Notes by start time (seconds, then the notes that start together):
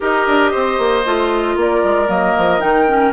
0.00 D#4 G4 A#4 D#5
0.27 D4
0.51 C4 C5
0.78 A#3
1.05 A3 F4
1.56 A#3 A#4 D5
1.83 G#3
2.07 F#3 A#3 D#5
2.37 F3
2.59 D#3 D#4 G5
2.87 C#4